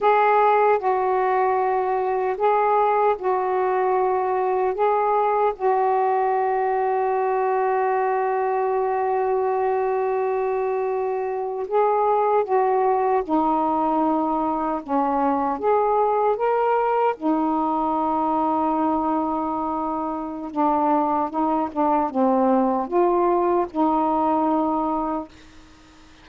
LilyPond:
\new Staff \with { instrumentName = "saxophone" } { \time 4/4 \tempo 4 = 76 gis'4 fis'2 gis'4 | fis'2 gis'4 fis'4~ | fis'1~ | fis'2~ fis'8. gis'4 fis'16~ |
fis'8. dis'2 cis'4 gis'16~ | gis'8. ais'4 dis'2~ dis'16~ | dis'2 d'4 dis'8 d'8 | c'4 f'4 dis'2 | }